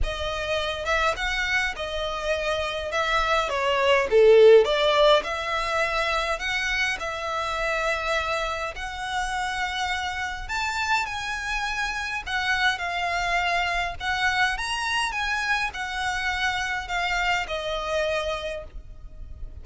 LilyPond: \new Staff \with { instrumentName = "violin" } { \time 4/4 \tempo 4 = 103 dis''4. e''8 fis''4 dis''4~ | dis''4 e''4 cis''4 a'4 | d''4 e''2 fis''4 | e''2. fis''4~ |
fis''2 a''4 gis''4~ | gis''4 fis''4 f''2 | fis''4 ais''4 gis''4 fis''4~ | fis''4 f''4 dis''2 | }